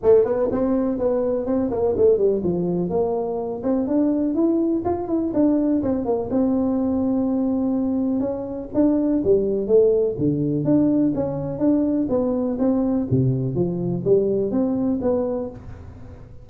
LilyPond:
\new Staff \with { instrumentName = "tuba" } { \time 4/4 \tempo 4 = 124 a8 b8 c'4 b4 c'8 ais8 | a8 g8 f4 ais4. c'8 | d'4 e'4 f'8 e'8 d'4 | c'8 ais8 c'2.~ |
c'4 cis'4 d'4 g4 | a4 d4 d'4 cis'4 | d'4 b4 c'4 c4 | f4 g4 c'4 b4 | }